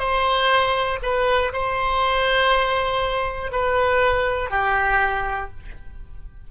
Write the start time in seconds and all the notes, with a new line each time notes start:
0.00 C5
1.03 B4
1.53 C5
3.52 B4
4.51 G4